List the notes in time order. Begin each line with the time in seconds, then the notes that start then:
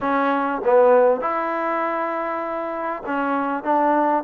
0.01 C#4
0.64 B3
1.21 E4
3.06 C#4
3.63 D4